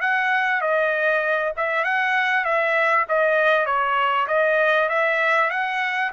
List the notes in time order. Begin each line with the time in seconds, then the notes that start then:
0.00 F#5
0.60 D#5
1.56 E5
1.84 F#5
2.44 E5
3.08 D#5
3.65 C#5
4.27 D#5
4.89 E5
5.50 F#5